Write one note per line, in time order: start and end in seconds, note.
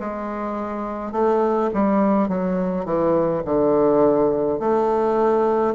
0.00 1.12 G#3
1.12 1.70 A3
1.74 2.29 G3
2.29 2.85 F#3
2.85 3.43 E3
3.45 4.60 D3
4.60 5.75 A3